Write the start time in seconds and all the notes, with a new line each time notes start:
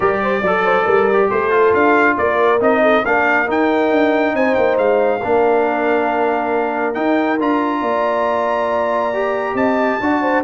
0.00 G3 G4 A#4 D5
0.22 C5
0.41 F#3 A4 D5
0.64 C5
0.84 G3 A#4
1.12 G4
1.28 A3 A4 C5
1.50 F4
1.73 D4 F5
2.17 A#3 A#4 D5
2.60 C4 D#4 D#5
2.82 A4
3.05 A#3 D4 A#4 F5
3.46 D#4 G5
3.91 D4
4.33 C4 C5 G#5
4.54 A#3 G5
4.78 G#3 F5
5.19 A#3 D4 A#4
6.94 D#4 G5
7.39 D4 F4 A#5
7.81 A#3 D5
9.13 G4
9.54 C4 D#5 A5
10.00 D4 F#4 D5
10.22 C5